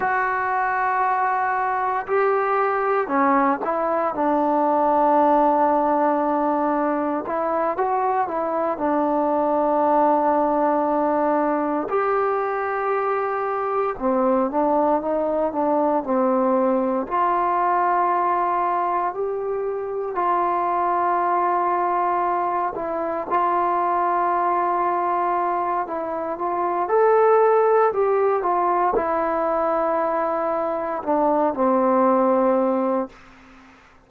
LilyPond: \new Staff \with { instrumentName = "trombone" } { \time 4/4 \tempo 4 = 58 fis'2 g'4 cis'8 e'8 | d'2. e'8 fis'8 | e'8 d'2. g'8~ | g'4. c'8 d'8 dis'8 d'8 c'8~ |
c'8 f'2 g'4 f'8~ | f'2 e'8 f'4.~ | f'4 e'8 f'8 a'4 g'8 f'8 | e'2 d'8 c'4. | }